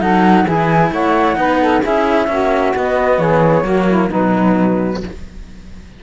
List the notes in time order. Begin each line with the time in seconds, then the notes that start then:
0.00 F#3 D#4 A4 F#5
0.45 E3 E4 G#4 G#5
0.92 A3 C#5 F#5
1.36 B3 D#4 B4
1.61 A4
1.82 C#4 E4 G#4 E5
2.27 A#3 C#4 F#4
2.74 B3 D#5
3.18 E3 G#4 C#5
3.63 F#3 A#3 F#4
3.87 E4
4.09 B2 F#3 D#4 B4